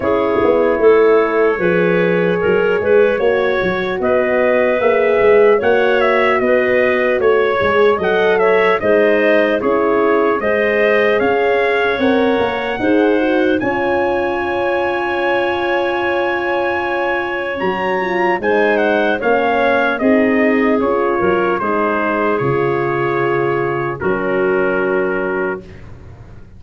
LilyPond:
<<
  \new Staff \with { instrumentName = "trumpet" } { \time 4/4 \tempo 4 = 75 cis''1~ | cis''4 dis''4 e''4 fis''8 e''8 | dis''4 cis''4 fis''8 e''8 dis''4 | cis''4 dis''4 f''4 fis''4~ |
fis''4 gis''2.~ | gis''2 ais''4 gis''8 fis''8 | f''4 dis''4 cis''4 c''4 | cis''2 ais'2 | }
  \new Staff \with { instrumentName = "clarinet" } { \time 4/4 gis'4 a'4 b'4 ais'8 b'8 | cis''4 b'2 cis''4 | b'4 cis''4 dis''8 cis''8 c''4 | gis'4 c''4 cis''2 |
c''4 cis''2.~ | cis''2. c''4 | cis''4 gis'4. ais'8 gis'4~ | gis'2 fis'2 | }
  \new Staff \with { instrumentName = "horn" } { \time 4/4 e'2 gis'2 | fis'2 gis'4 fis'4~ | fis'4. gis'8 a'4 dis'4 | e'4 gis'2 ais'4 |
gis'8 fis'8 f'2.~ | f'2 fis'8 f'8 dis'4 | cis'4 dis'4 f'4 dis'4 | f'2 cis'2 | }
  \new Staff \with { instrumentName = "tuba" } { \time 4/4 cis'8 b8 a4 f4 fis8 gis8 | ais8 fis8 b4 ais8 gis8 ais4 | b4 a8 gis8 fis4 gis4 | cis'4 gis4 cis'4 c'8 ais8 |
dis'4 cis'2.~ | cis'2 fis4 gis4 | ais4 c'4 cis'8 fis8 gis4 | cis2 fis2 | }
>>